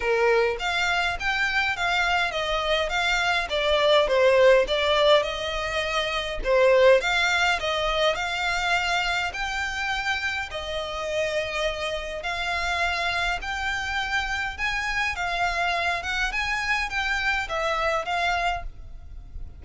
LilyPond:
\new Staff \with { instrumentName = "violin" } { \time 4/4 \tempo 4 = 103 ais'4 f''4 g''4 f''4 | dis''4 f''4 d''4 c''4 | d''4 dis''2 c''4 | f''4 dis''4 f''2 |
g''2 dis''2~ | dis''4 f''2 g''4~ | g''4 gis''4 f''4. fis''8 | gis''4 g''4 e''4 f''4 | }